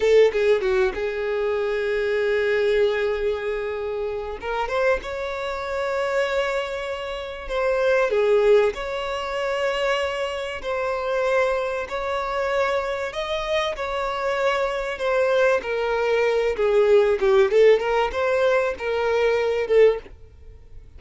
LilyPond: \new Staff \with { instrumentName = "violin" } { \time 4/4 \tempo 4 = 96 a'8 gis'8 fis'8 gis'2~ gis'8~ | gis'2. ais'8 c''8 | cis''1 | c''4 gis'4 cis''2~ |
cis''4 c''2 cis''4~ | cis''4 dis''4 cis''2 | c''4 ais'4. gis'4 g'8 | a'8 ais'8 c''4 ais'4. a'8 | }